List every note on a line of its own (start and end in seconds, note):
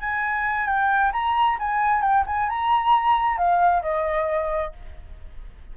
0.00 0.67 G#5
0.67 1.12 G5
1.12 1.57 A#5
1.59 2.02 G#5
2.02 2.24 G5
2.26 2.49 G#5
2.49 3.38 A#5
3.38 3.82 F5
3.82 4.73 D#5